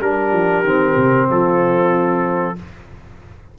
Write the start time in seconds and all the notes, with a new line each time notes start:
0.00 G3 D4 G4 A#4
0.32 F3
0.63 D#3 C4
0.96 C3
1.27 F3 F4 A4